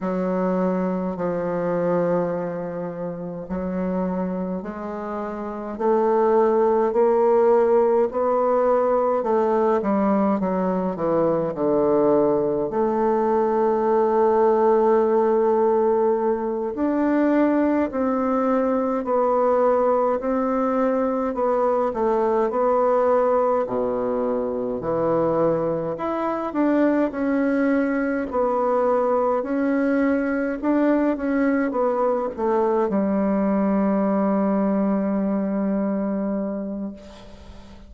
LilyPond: \new Staff \with { instrumentName = "bassoon" } { \time 4/4 \tempo 4 = 52 fis4 f2 fis4 | gis4 a4 ais4 b4 | a8 g8 fis8 e8 d4 a4~ | a2~ a8 d'4 c'8~ |
c'8 b4 c'4 b8 a8 b8~ | b8 b,4 e4 e'8 d'8 cis'8~ | cis'8 b4 cis'4 d'8 cis'8 b8 | a8 g2.~ g8 | }